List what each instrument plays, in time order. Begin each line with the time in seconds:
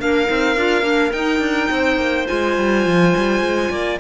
0.00 cello A#3, clarinet D4 A#4, violin F5
0.26 cello C4, clarinet D#4
0.57 cello D4, clarinet F4
0.82 cello A#3, clarinet D4
1.12 cello D#4, clarinet D#4, violin G5
1.40 cello D4
1.71 cello C4, clarinet C5
1.97 cello A#3
2.27 cello G#3, clarinet F4, violin G#5
2.58 cello G3
2.86 cello F3
3.17 cello G3
3.41 cello G#3
3.70 cello A#3, clarinet D5